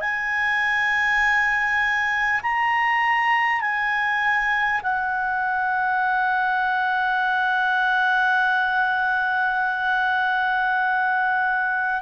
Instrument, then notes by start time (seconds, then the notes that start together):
clarinet
0.00 G#5
2.42 A#5
3.61 G#5
4.82 F#5